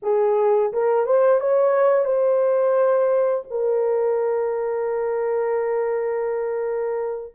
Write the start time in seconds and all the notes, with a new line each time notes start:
0.02 G#4
0.72 A#4
1.06 C5
1.40 C#5
2.04 C5
3.50 A#4